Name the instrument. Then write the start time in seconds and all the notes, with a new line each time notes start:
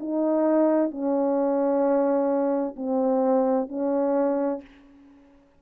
horn
0.00 D#4
0.91 C#4
2.77 C4
3.69 C#4